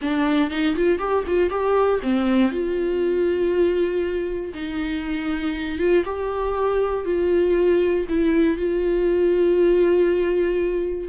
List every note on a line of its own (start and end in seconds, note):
0.01 0.50 D4
0.50 0.75 D#4
0.76 0.98 F4
0.98 1.24 G4
1.26 1.50 F4
1.50 2.00 G4
2.02 2.51 C4
2.51 4.53 F4
4.54 5.78 D#4
5.78 6.04 F4
6.04 7.05 G4
7.05 8.06 F4
8.09 8.57 E4
8.57 11.08 F4